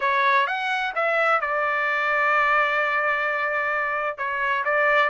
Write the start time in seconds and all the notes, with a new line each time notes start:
0.00 C#5
0.46 F#5
0.95 E5
1.40 D5
4.17 C#5
4.64 D5